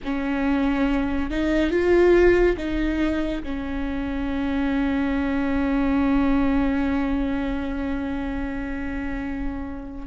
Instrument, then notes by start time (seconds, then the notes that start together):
viola
0.04 C#4
1.30 D#4
1.70 F4
2.57 D#4
3.43 C#4